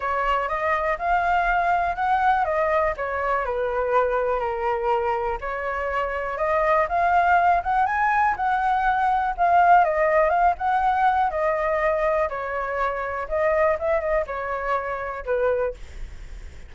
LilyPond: \new Staff \with { instrumentName = "flute" } { \time 4/4 \tempo 4 = 122 cis''4 dis''4 f''2 | fis''4 dis''4 cis''4 b'4~ | b'4 ais'2 cis''4~ | cis''4 dis''4 f''4. fis''8 |
gis''4 fis''2 f''4 | dis''4 f''8 fis''4. dis''4~ | dis''4 cis''2 dis''4 | e''8 dis''8 cis''2 b'4 | }